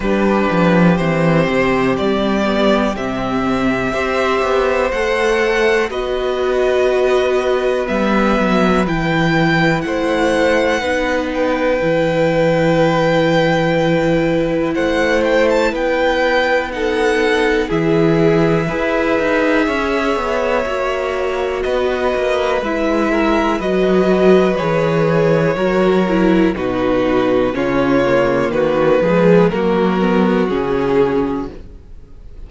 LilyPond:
<<
  \new Staff \with { instrumentName = "violin" } { \time 4/4 \tempo 4 = 61 b'4 c''4 d''4 e''4~ | e''4 fis''4 dis''2 | e''4 g''4 fis''4. g''8~ | g''2. fis''8 g''16 a''16 |
g''4 fis''4 e''2~ | e''2 dis''4 e''4 | dis''4 cis''2 b'4 | cis''4 b'4 ais'4 gis'4 | }
  \new Staff \with { instrumentName = "violin" } { \time 4/4 g'1 | c''2 b'2~ | b'2 c''4 b'4~ | b'2. c''4 |
b'4 a'4 gis'4 b'4 | cis''2 b'4. ais'8 | b'2 ais'4 fis'4 | f'4 fis'8 gis'8 fis'2 | }
  \new Staff \with { instrumentName = "viola" } { \time 4/4 d'4 c'4. b8 c'4 | g'4 a'4 fis'2 | b4 e'2 dis'4 | e'1~ |
e'4 dis'4 e'4 gis'4~ | gis'4 fis'2 e'4 | fis'4 gis'4 fis'8 e'8 dis'4 | cis'8 ais4 gis8 ais8 b8 cis'4 | }
  \new Staff \with { instrumentName = "cello" } { \time 4/4 g8 f8 e8 c8 g4 c4 | c'8 b8 a4 b2 | g8 fis8 e4 a4 b4 | e2. a4 |
b2 e4 e'8 dis'8 | cis'8 b8 ais4 b8 ais8 gis4 | fis4 e4 fis4 b,4 | cis4 dis8 f8 fis4 cis4 | }
>>